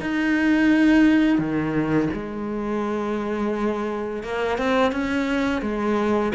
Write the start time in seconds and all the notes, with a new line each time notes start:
0.00 D#4
1.38 D#3
2.13 G#3
4.23 A#3
4.58 C4
4.92 C#4
5.61 G#3